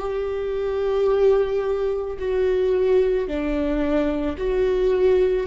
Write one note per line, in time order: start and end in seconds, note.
0.00 2.18 G4
2.19 3.28 F#4
3.28 4.37 D4
4.38 5.47 F#4